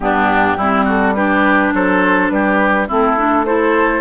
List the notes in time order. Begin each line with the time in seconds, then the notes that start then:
0.00 G2 B3 D4 G4
0.57 G3 C4 E4
0.84 F#4 A4
1.14 D4 G4 B4
1.73 F#3 A4 C5
2.29 G3 G4 B4
2.88 A3 C4 E4 A4
3.17 D4
3.45 E4 A4 C5